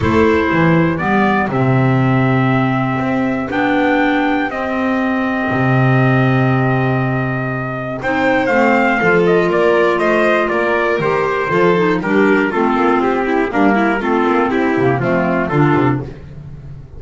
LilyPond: <<
  \new Staff \with { instrumentName = "trumpet" } { \time 4/4 \tempo 4 = 120 c''2 d''4 e''4~ | e''2. g''4~ | g''4 dis''2.~ | dis''1 |
g''4 f''4. dis''8 d''4 | dis''4 d''4 c''2 | ais'4 a'4 g'4 ais'4 | a'4 g'4 f'4 a'4 | }
  \new Staff \with { instrumentName = "violin" } { \time 4/4 a'4 g'2.~ | g'1~ | g'1~ | g'1 |
c''2 a'4 ais'4 | c''4 ais'2 a'4 | g'4 f'4. e'8 d'8 e'8 | f'4 e'4 c'4 f'4 | }
  \new Staff \with { instrumentName = "clarinet" } { \time 4/4 e'2 b4 c'4~ | c'2. d'4~ | d'4 c'2.~ | c'1 |
dis'4 c'4 f'2~ | f'2 g'4 f'8 dis'8 | d'4 c'2 ais4 | c'4. ais8 a4 d'4 | }
  \new Staff \with { instrumentName = "double bass" } { \time 4/4 a4 e4 g4 c4~ | c2 c'4 b4~ | b4 c'2 c4~ | c1 |
c'4 a4 f4 ais4 | a4 ais4 dis4 f4 | g4 a8 ais8 c'4 g4 | a8 ais8 c'8 c8 f4 d8 c8 | }
>>